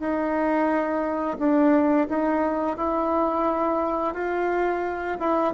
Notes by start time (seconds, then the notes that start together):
0.00 D#4
1.39 D4
2.09 D#4
2.77 E4
4.14 F4
5.20 E4